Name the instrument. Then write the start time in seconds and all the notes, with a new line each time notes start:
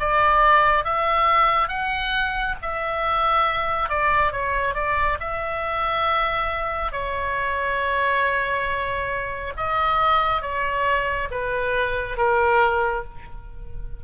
oboe
0.00 D5
0.85 E5
1.68 F#5
2.62 E5
3.89 D5
4.32 C#5
4.75 D5
5.20 E5
6.92 C#5
9.57 D#5
10.42 C#5
11.31 B4
12.17 A#4